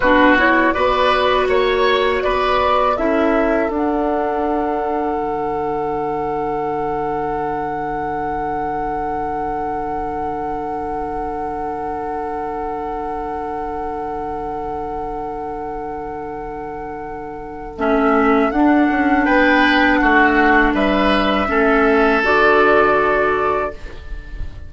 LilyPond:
<<
  \new Staff \with { instrumentName = "flute" } { \time 4/4 \tempo 4 = 81 b'8 cis''8 d''4 cis''4 d''4 | e''4 fis''2.~ | fis''1~ | fis''1~ |
fis''1~ | fis''1 | e''4 fis''4 g''4 fis''4 | e''2 d''2 | }
  \new Staff \with { instrumentName = "oboe" } { \time 4/4 fis'4 b'4 cis''4 b'4 | a'1~ | a'1~ | a'1~ |
a'1~ | a'1~ | a'2 b'4 fis'4 | b'4 a'2. | }
  \new Staff \with { instrumentName = "clarinet" } { \time 4/4 d'8 e'8 fis'2. | e'4 d'2.~ | d'1~ | d'1~ |
d'1~ | d'1 | cis'4 d'2.~ | d'4 cis'4 fis'2 | }
  \new Staff \with { instrumentName = "bassoon" } { \time 4/4 b,4 b4 ais4 b4 | cis'4 d'2 d4~ | d1~ | d1~ |
d1~ | d1 | a4 d'8 cis'8 b4 a4 | g4 a4 d2 | }
>>